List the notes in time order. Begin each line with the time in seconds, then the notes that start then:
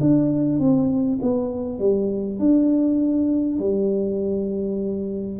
0.00 D4
0.59 C4
1.22 B3
1.79 G3
2.39 D4
3.59 G3